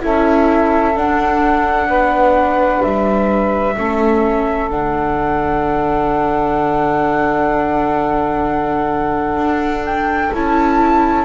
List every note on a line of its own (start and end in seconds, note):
0.00 0.96 C#4
0.00 0.94 E4
0.00 1.88 A4
0.00 0.97 E5
0.95 3.76 D4
0.95 1.87 D4
0.95 2.82 F#5
1.87 2.80 B3
1.87 3.75 B4
2.82 3.77 G3
2.82 4.70 E5
3.75 4.71 A3
3.75 4.70 C#4
3.75 11.24 A4
4.70 9.37 D3
4.70 10.32 D4
4.70 9.85 F#5
9.37 10.30 D4
9.85 10.32 G5
10.33 11.24 C#4
10.33 11.24 E4
10.33 11.24 A5